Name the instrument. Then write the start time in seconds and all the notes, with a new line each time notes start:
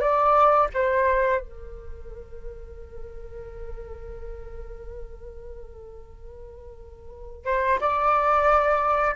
flute
0.00 D5
0.74 C5
1.40 A#4
7.45 C5
7.80 D5